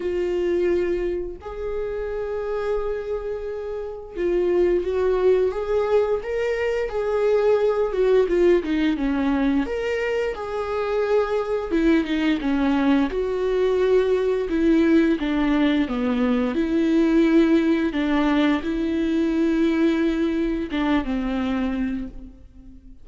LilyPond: \new Staff \with { instrumentName = "viola" } { \time 4/4 \tempo 4 = 87 f'2 gis'2~ | gis'2 f'4 fis'4 | gis'4 ais'4 gis'4. fis'8 | f'8 dis'8 cis'4 ais'4 gis'4~ |
gis'4 e'8 dis'8 cis'4 fis'4~ | fis'4 e'4 d'4 b4 | e'2 d'4 e'4~ | e'2 d'8 c'4. | }